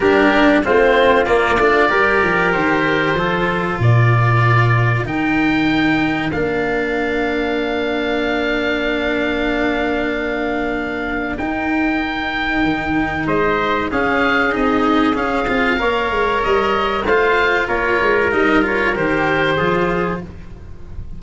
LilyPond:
<<
  \new Staff \with { instrumentName = "oboe" } { \time 4/4 \tempo 4 = 95 ais'4 c''4 d''2 | c''2 d''2 | g''2 f''2~ | f''1~ |
f''2 g''2~ | g''4 dis''4 f''4 dis''4 | f''2 dis''4 f''4 | cis''4 dis''8 cis''8 c''2 | }
  \new Staff \with { instrumentName = "trumpet" } { \time 4/4 g'4 f'2 ais'4~ | ais'4 a'4 ais'2~ | ais'1~ | ais'1~ |
ais'1~ | ais'4 c''4 gis'2~ | gis'4 cis''2 c''4 | ais'2. gis'4 | }
  \new Staff \with { instrumentName = "cello" } { \time 4/4 d'4 c'4 ais8 d'8 g'4~ | g'4 f'2. | dis'2 d'2~ | d'1~ |
d'2 dis'2~ | dis'2 cis'4 dis'4 | cis'8 f'8 ais'2 f'4~ | f'4 dis'8 f'8 g'4 f'4 | }
  \new Staff \with { instrumentName = "tuba" } { \time 4/4 g4 a4 ais8 a8 g8 f8 | dis4 f4 ais,2 | dis2 ais2~ | ais1~ |
ais2 dis'2 | dis4 gis4 cis'4 c'4 | cis'8 c'8 ais8 gis8 g4 a4 | ais8 gis8 g4 dis4 f4 | }
>>